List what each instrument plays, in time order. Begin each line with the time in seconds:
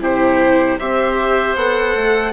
0.00 bassoon C3, viola E4, oboe G4, violin C5
0.79 bassoon C4, viola G4, oboe C5, violin E5
1.56 bassoon B3, viola A4, violin F#5
1.95 bassoon A3